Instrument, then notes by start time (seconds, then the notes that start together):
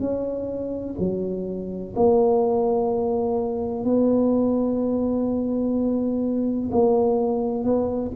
tuba
0.00 C#4
1.00 F#3
1.96 A#3
3.84 B3
6.71 A#3
7.64 B3